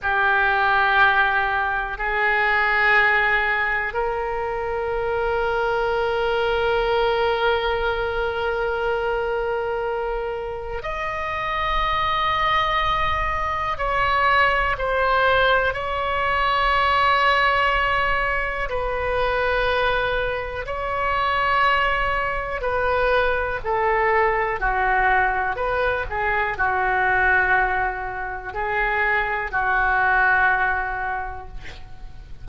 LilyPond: \new Staff \with { instrumentName = "oboe" } { \time 4/4 \tempo 4 = 61 g'2 gis'2 | ais'1~ | ais'2. dis''4~ | dis''2 cis''4 c''4 |
cis''2. b'4~ | b'4 cis''2 b'4 | a'4 fis'4 b'8 gis'8 fis'4~ | fis'4 gis'4 fis'2 | }